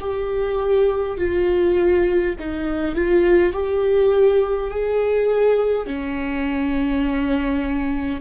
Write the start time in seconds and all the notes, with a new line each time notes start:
0.00 G4
1.17 F4
2.39 D#4
2.95 F4
3.52 G4
4.70 G#4
5.86 C#4